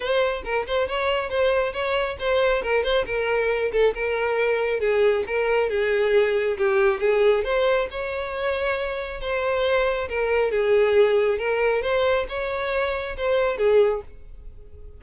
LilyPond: \new Staff \with { instrumentName = "violin" } { \time 4/4 \tempo 4 = 137 c''4 ais'8 c''8 cis''4 c''4 | cis''4 c''4 ais'8 c''8 ais'4~ | ais'8 a'8 ais'2 gis'4 | ais'4 gis'2 g'4 |
gis'4 c''4 cis''2~ | cis''4 c''2 ais'4 | gis'2 ais'4 c''4 | cis''2 c''4 gis'4 | }